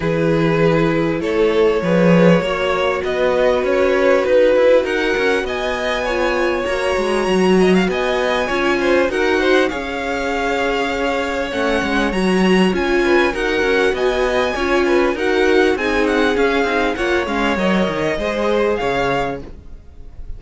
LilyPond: <<
  \new Staff \with { instrumentName = "violin" } { \time 4/4 \tempo 4 = 99 b'2 cis''2~ | cis''4 dis''4 cis''4 b'4 | fis''4 gis''2 ais''4~ | ais''4 gis''2 fis''4 |
f''2. fis''4 | ais''4 gis''4 fis''4 gis''4~ | gis''4 fis''4 gis''8 fis''8 f''4 | fis''8 f''8 dis''2 f''4 | }
  \new Staff \with { instrumentName = "violin" } { \time 4/4 gis'2 a'4 b'4 | cis''4 b'2. | ais'4 dis''4 cis''2~ | cis''8 dis''16 f''16 dis''4 cis''8 c''8 ais'8 c''8 |
cis''1~ | cis''4. b'8 ais'4 dis''4 | cis''8 b'8 ais'4 gis'2 | cis''2 c''4 cis''4 | }
  \new Staff \with { instrumentName = "viola" } { \time 4/4 e'2. gis'4 | fis'1~ | fis'2 f'4 fis'4~ | fis'2 f'4 fis'4 |
gis'2. cis'4 | fis'4 f'4 fis'2 | f'4 fis'4 dis'4 cis'8 dis'8 | f'8 cis'8 ais'4 gis'2 | }
  \new Staff \with { instrumentName = "cello" } { \time 4/4 e2 a4 f4 | ais4 b4 cis'4 dis'8 e'8 | dis'8 cis'8 b2 ais8 gis8 | fis4 b4 cis'4 dis'4 |
cis'2. a8 gis8 | fis4 cis'4 dis'8 cis'8 b4 | cis'4 dis'4 c'4 cis'8 c'8 | ais8 gis8 fis8 dis8 gis4 cis4 | }
>>